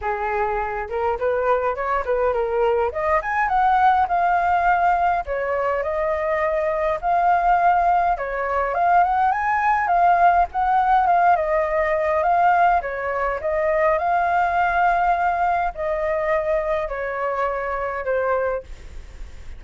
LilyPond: \new Staff \with { instrumentName = "flute" } { \time 4/4 \tempo 4 = 103 gis'4. ais'8 b'4 cis''8 b'8 | ais'4 dis''8 gis''8 fis''4 f''4~ | f''4 cis''4 dis''2 | f''2 cis''4 f''8 fis''8 |
gis''4 f''4 fis''4 f''8 dis''8~ | dis''4 f''4 cis''4 dis''4 | f''2. dis''4~ | dis''4 cis''2 c''4 | }